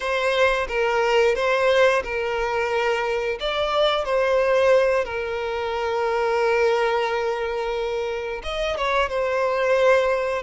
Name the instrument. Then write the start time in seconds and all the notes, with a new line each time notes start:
violin
0.00 C5
0.67 A#4
1.35 C5
2.03 A#4
3.40 D5
4.04 C5
5.04 A#4
8.43 D#5
8.77 C#5
9.09 C5